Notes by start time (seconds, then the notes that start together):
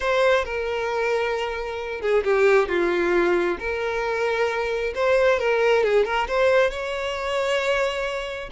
0.00 C5
0.45 A#4
2.01 G#4
2.24 G4
2.68 F4
3.59 A#4
4.95 C5
5.39 A#4
5.83 G#4
6.04 A#4
6.27 C5
6.70 C#5